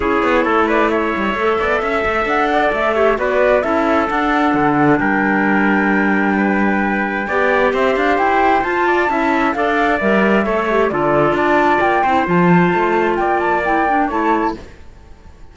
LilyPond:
<<
  \new Staff \with { instrumentName = "flute" } { \time 4/4 \tempo 4 = 132 cis''4. d''8 e''2~ | e''4 fis''4 e''4 d''4 | e''4 fis''2 g''4~ | g''1~ |
g''4 e''8 f''8 g''4 a''4~ | a''4 f''4 e''2 | d''4 a''4 g''4 a''4~ | a''4 g''8 a''8 g''4 a''4 | }
  \new Staff \with { instrumentName = "trumpet" } { \time 4/4 gis'4 a'8 b'8 cis''4. d''8 | e''4. d''4 cis''8 b'4 | a'2. ais'4~ | ais'2 b'2 |
d''4 c''2~ c''8 d''8 | e''4 d''2 cis''4 | a'4 d''4. c''4.~ | c''4 d''2 cis''4 | }
  \new Staff \with { instrumentName = "clarinet" } { \time 4/4 e'2. a'4~ | a'2~ a'8 g'8 fis'4 | e'4 d'2.~ | d'1 |
g'2. f'4 | e'4 a'4 ais'4 a'8 g'8 | f'2~ f'8 e'8 f'4~ | f'2 e'8 d'8 e'4 | }
  \new Staff \with { instrumentName = "cello" } { \time 4/4 cis'8 b8 a4. g8 a8 b8 | cis'8 a8 d'4 a4 b4 | cis'4 d'4 d4 g4~ | g1 |
b4 c'8 d'8 e'4 f'4 | cis'4 d'4 g4 a4 | d4 d'4 ais8 c'8 f4 | a4 ais2 a4 | }
>>